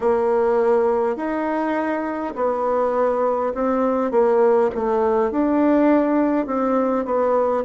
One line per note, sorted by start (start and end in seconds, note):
0.00 1.16 A#3
1.16 2.34 D#4
2.35 3.53 B3
3.54 4.11 C4
4.11 4.70 A#3
4.74 5.30 A3
5.30 6.46 D4
6.46 7.05 C4
7.05 7.64 B3